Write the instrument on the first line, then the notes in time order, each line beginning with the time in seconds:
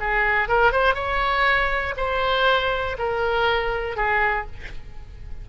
oboe
0.00 G#4
0.49 A#4
0.72 C5
0.95 C#5
1.97 C5
2.99 A#4
3.96 G#4